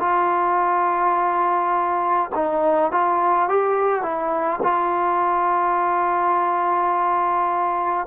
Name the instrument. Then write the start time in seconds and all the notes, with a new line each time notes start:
trombone
0.00 F4
2.35 D#4
2.92 F4
3.49 G4
4.03 E4
4.63 F4